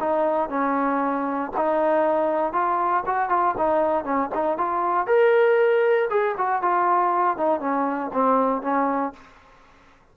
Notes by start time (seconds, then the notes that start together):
0.00 D#4
0.49 C#4
1.57 D#4
2.53 F4
3.06 F#4
3.30 F4
3.58 D#4
4.04 C#4
4.35 D#4
4.58 F4
5.07 A#4
6.10 G#4
6.38 F#4
6.62 F4
7.37 D#4
7.60 C#4
8.14 C4
8.62 C#4